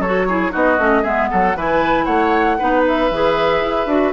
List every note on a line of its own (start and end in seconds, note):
0.00 0.52 F#3
0.00 0.30 F#4
0.00 0.26 A4
0.00 0.54 C#5
0.29 0.51 E4
0.29 0.52 G#4
0.51 0.79 B3
0.51 0.77 D#4
0.51 1.03 F#4
0.51 1.04 D#5
0.79 1.04 A3
0.79 1.04 C#4
1.03 1.30 G#3
1.03 1.56 B3
1.03 1.29 G#4
1.03 1.30 E5
1.31 1.56 F#3
1.31 1.57 A4
1.31 1.58 F#5
1.56 2.07 E3
1.56 2.59 E4
1.56 2.06 B4
1.56 2.05 G#5
2.05 2.59 A3
2.05 2.57 C#5
2.05 2.83 F#5
2.59 3.11 B3
2.59 3.11 D#4
2.59 4.13 B4
2.88 4.13 E5
3.11 3.61 E3
3.11 3.88 G#4
3.61 3.87 E4
3.87 4.12 D4
3.87 4.13 F#4